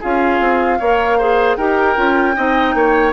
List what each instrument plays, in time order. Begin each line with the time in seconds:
0.00 bassoon C#4, clarinet F4, oboe G#4, flute F5
0.39 bassoon C4
0.79 bassoon A#3, clarinet A#4, oboe C#5
1.18 clarinet G#4, oboe C5
1.55 bassoon D#4, clarinet G4, oboe A#4, flute G5
1.95 bassoon C#4, clarinet F4
2.36 bassoon C4, clarinet D#4, oboe D#5
2.74 bassoon A#3, oboe C#5